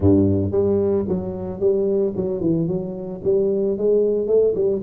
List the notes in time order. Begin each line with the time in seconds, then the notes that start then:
0.00 G2
0.51 G3
1.08 F#3
1.59 G3
2.16 F#3
2.41 E3
2.67 F#3
3.24 G3
3.77 G#3
4.27 A3
4.55 G3